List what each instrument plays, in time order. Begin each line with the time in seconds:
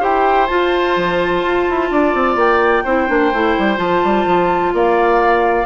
0.00 bassoon E4, clarinet G4, oboe C5, flute G5
0.47 clarinet F4, bassoon F4, flute A5
0.96 bassoon F3
1.43 bassoon F4
1.70 bassoon E4
1.91 bassoon D4, oboe D5
2.14 bassoon C4
2.36 bassoon A#3, flute G5
2.84 bassoon C4, clarinet E4, oboe C5
3.08 bassoon A#3, clarinet D4
3.32 bassoon A3, clarinet E4
3.58 bassoon G3
3.76 bassoon F3, clarinet F4, flute A5
4.04 bassoon G3
4.26 bassoon F3
4.73 bassoon A#3, oboe D5, flute F5